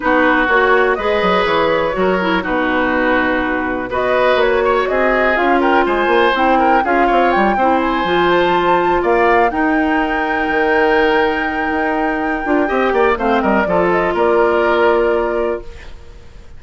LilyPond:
<<
  \new Staff \with { instrumentName = "flute" } { \time 4/4 \tempo 4 = 123 b'4 cis''4 dis''4 cis''4~ | cis''4 b'2. | dis''4 cis''4 dis''4 f''8 g''8 | gis''4 g''4 f''4 g''4 |
gis''4 a''4. f''4 g''8~ | g''1~ | g''2. f''8 dis''8 | d''8 dis''8 d''2. | }
  \new Staff \with { instrumentName = "oboe" } { \time 4/4 fis'2 b'2 | ais'4 fis'2. | b'4. cis''8 gis'4. ais'8 | c''4. ais'8 gis'8 cis''4 c''8~ |
c''2~ c''8 d''4 ais'8~ | ais'1~ | ais'2 dis''8 d''8 c''8 ais'8 | a'4 ais'2. | }
  \new Staff \with { instrumentName = "clarinet" } { \time 4/4 dis'4 fis'4 gis'2 | fis'8 e'8 dis'2. | fis'2. f'4~ | f'4 e'4 f'4. e'8~ |
e'8 f'2. dis'8~ | dis'1~ | dis'4. f'8 g'4 c'4 | f'1 | }
  \new Staff \with { instrumentName = "bassoon" } { \time 4/4 b4 ais4 gis8 fis8 e4 | fis4 b,2. | b4 ais4 c'4 cis'4 | gis8 ais8 c'4 cis'8 c'8 g8 c'8~ |
c'8 f2 ais4 dis'8~ | dis'4. dis2~ dis8 | dis'4. d'8 c'8 ais8 a8 g8 | f4 ais2. | }
>>